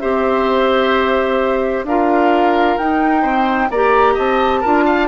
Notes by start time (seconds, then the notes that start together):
0.00 C4 G4 C5 E5
1.84 D4 F4 A#4 F5
2.78 D#4 G5
3.22 C4 C5
3.71 A#3 G4 D5 A#5
4.14 C4 D#5 A5
4.61 D4 F4 A#4
4.86 F5